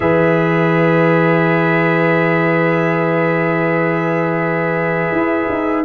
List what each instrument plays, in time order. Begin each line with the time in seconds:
0.00 tuba E3, trombone G#4, horn B4, trumpet E5
5.12 tuba E4
5.49 tuba D#4